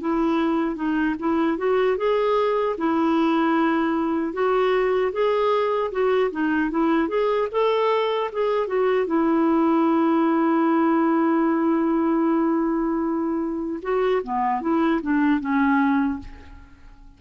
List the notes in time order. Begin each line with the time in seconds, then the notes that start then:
0.00 E4
0.75 D#4
1.19 E4
1.58 F#4
1.97 G#4
2.77 E4
4.33 F#4
5.12 G#4
5.91 F#4
6.31 D#4
6.70 E4
7.08 G#4
7.51 A4
8.32 G#4
8.67 F#4
9.06 E4
13.82 F#4
14.23 B3
14.61 E4
15.02 D4
15.40 C#4